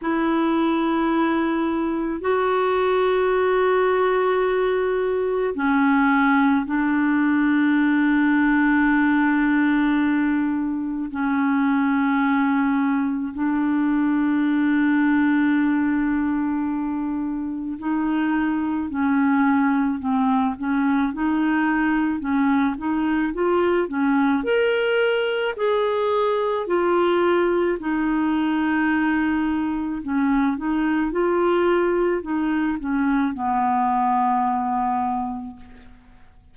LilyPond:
\new Staff \with { instrumentName = "clarinet" } { \time 4/4 \tempo 4 = 54 e'2 fis'2~ | fis'4 cis'4 d'2~ | d'2 cis'2 | d'1 |
dis'4 cis'4 c'8 cis'8 dis'4 | cis'8 dis'8 f'8 cis'8 ais'4 gis'4 | f'4 dis'2 cis'8 dis'8 | f'4 dis'8 cis'8 b2 | }